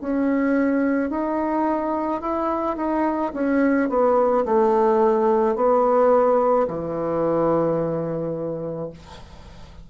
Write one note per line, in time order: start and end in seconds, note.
0.00 1.10 C#4
1.10 2.21 D#4
2.21 2.76 E4
2.76 3.32 D#4
3.34 3.89 C#4
3.89 4.44 B3
4.45 5.56 A3
5.56 6.67 B3
6.68 8.90 E3